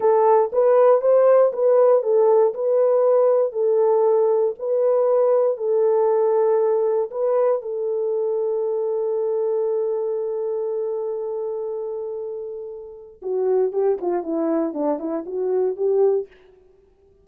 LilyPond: \new Staff \with { instrumentName = "horn" } { \time 4/4 \tempo 4 = 118 a'4 b'4 c''4 b'4 | a'4 b'2 a'4~ | a'4 b'2 a'4~ | a'2 b'4 a'4~ |
a'1~ | a'1~ | a'2 fis'4 g'8 f'8 | e'4 d'8 e'8 fis'4 g'4 | }